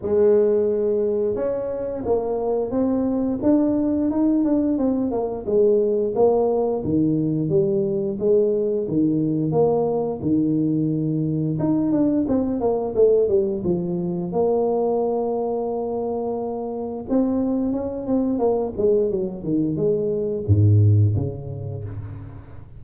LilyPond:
\new Staff \with { instrumentName = "tuba" } { \time 4/4 \tempo 4 = 88 gis2 cis'4 ais4 | c'4 d'4 dis'8 d'8 c'8 ais8 | gis4 ais4 dis4 g4 | gis4 dis4 ais4 dis4~ |
dis4 dis'8 d'8 c'8 ais8 a8 g8 | f4 ais2.~ | ais4 c'4 cis'8 c'8 ais8 gis8 | fis8 dis8 gis4 gis,4 cis4 | }